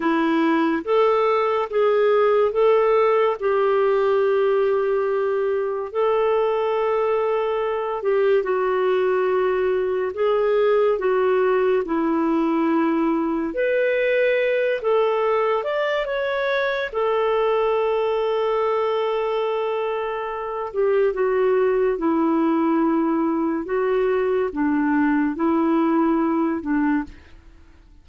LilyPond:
\new Staff \with { instrumentName = "clarinet" } { \time 4/4 \tempo 4 = 71 e'4 a'4 gis'4 a'4 | g'2. a'4~ | a'4. g'8 fis'2 | gis'4 fis'4 e'2 |
b'4. a'4 d''8 cis''4 | a'1~ | a'8 g'8 fis'4 e'2 | fis'4 d'4 e'4. d'8 | }